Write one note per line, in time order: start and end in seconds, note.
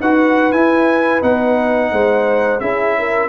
0.00 0.52 D#4
0.00 0.52 F#4
0.00 1.92 B4
0.00 0.52 F#5
0.52 1.22 E4
0.52 1.21 E4
0.52 1.22 G#5
1.21 1.92 B3
1.21 2.60 D#4
1.21 2.60 F#5
1.92 2.60 G#3
1.92 2.62 C5
2.60 3.28 C#4
2.60 3.28 E4
2.60 2.97 G#4
2.60 3.28 E5
2.99 3.28 A#4